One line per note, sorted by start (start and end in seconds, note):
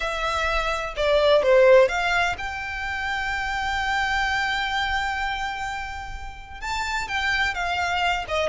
0.00 0.94 E5
0.96 1.42 D5
1.42 1.88 C5
1.88 2.35 F5
2.38 6.60 G5
6.60 7.08 A5
7.08 7.54 G5
7.54 8.25 F5
8.27 8.49 D#5